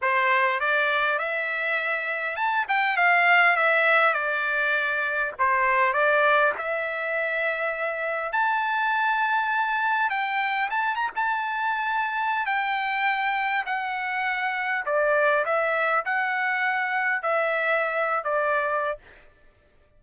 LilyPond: \new Staff \with { instrumentName = "trumpet" } { \time 4/4 \tempo 4 = 101 c''4 d''4 e''2 | a''8 g''8 f''4 e''4 d''4~ | d''4 c''4 d''4 e''4~ | e''2 a''2~ |
a''4 g''4 a''8 ais''16 a''4~ a''16~ | a''4 g''2 fis''4~ | fis''4 d''4 e''4 fis''4~ | fis''4 e''4.~ e''16 d''4~ d''16 | }